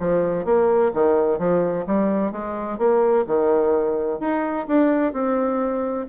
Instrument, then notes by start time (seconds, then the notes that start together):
bassoon
0.00 F3
0.45 A#3
0.94 D#3
1.39 F3
1.87 G3
2.32 G#3
2.78 A#3
3.27 D#3
4.20 D#4
4.68 D4
5.13 C4